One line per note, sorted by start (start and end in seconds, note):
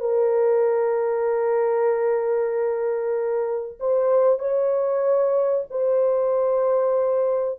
0.00 3.79 A#4
3.80 4.39 C5
4.39 5.65 C#5
5.70 7.59 C5